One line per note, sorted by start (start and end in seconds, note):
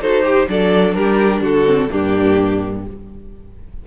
0.00 0.47 D#4
0.00 0.22 F#4
0.00 0.25 A4
0.00 0.48 C5
0.22 0.45 G4
0.22 0.48 G4
0.48 0.95 F#3
0.48 1.65 D4
0.48 0.97 A4
0.48 0.94 D5
0.94 1.41 G3
0.94 1.42 G4
0.94 1.41 A#4
1.41 1.88 D3
1.41 1.89 F#4
1.41 1.91 A4
1.65 1.89 C4
1.89 2.87 G2
1.89 2.84 A#3
1.89 2.85 D4
1.89 2.86 G4